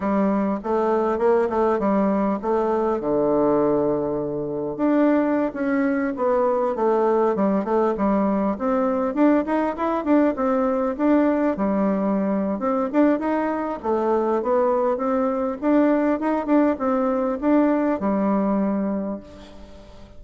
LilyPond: \new Staff \with { instrumentName = "bassoon" } { \time 4/4 \tempo 4 = 100 g4 a4 ais8 a8 g4 | a4 d2. | d'4~ d'16 cis'4 b4 a8.~ | a16 g8 a8 g4 c'4 d'8 dis'16~ |
dis'16 e'8 d'8 c'4 d'4 g8.~ | g4 c'8 d'8 dis'4 a4 | b4 c'4 d'4 dis'8 d'8 | c'4 d'4 g2 | }